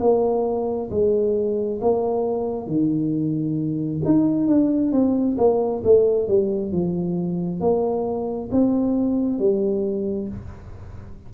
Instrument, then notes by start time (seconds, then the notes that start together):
tuba
0.00 A#3
0.90 G#3
1.81 A#3
2.67 D#3
4.05 D#4
4.47 D4
4.92 C4
5.37 A#3
5.84 A3
6.28 G3
6.72 F3
7.60 A#3
8.52 C4
9.39 G3